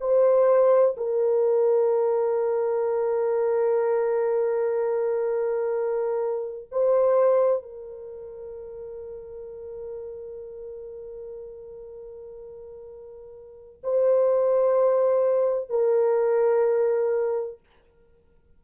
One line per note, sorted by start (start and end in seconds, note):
0.00 0.95 C5
0.97 6.68 A#4
6.71 7.62 C5
7.62 13.81 A#4
13.83 15.69 C5
15.69 17.60 A#4